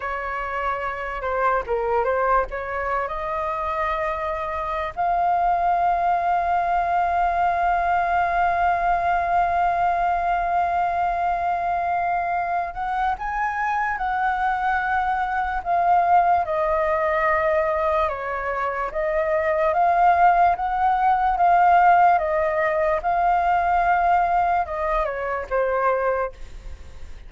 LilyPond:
\new Staff \with { instrumentName = "flute" } { \time 4/4 \tempo 4 = 73 cis''4. c''8 ais'8 c''8 cis''8. dis''16~ | dis''2 f''2~ | f''1~ | f''2.~ f''8 fis''8 |
gis''4 fis''2 f''4 | dis''2 cis''4 dis''4 | f''4 fis''4 f''4 dis''4 | f''2 dis''8 cis''8 c''4 | }